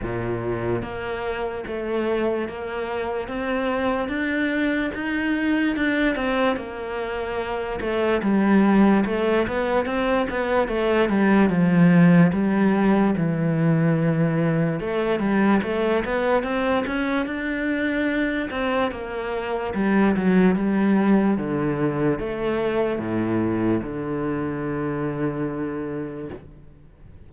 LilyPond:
\new Staff \with { instrumentName = "cello" } { \time 4/4 \tempo 4 = 73 ais,4 ais4 a4 ais4 | c'4 d'4 dis'4 d'8 c'8 | ais4. a8 g4 a8 b8 | c'8 b8 a8 g8 f4 g4 |
e2 a8 g8 a8 b8 | c'8 cis'8 d'4. c'8 ais4 | g8 fis8 g4 d4 a4 | a,4 d2. | }